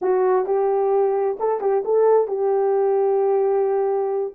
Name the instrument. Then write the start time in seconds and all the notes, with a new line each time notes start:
horn
0.01 F#4
0.45 G4
1.39 A4
1.61 G4
1.84 A4
2.27 G4